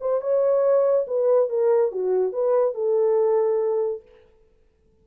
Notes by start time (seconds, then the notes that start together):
0.00 C5
0.21 C#5
1.07 B4
1.49 A#4
1.91 F#4
2.32 B4
2.74 A4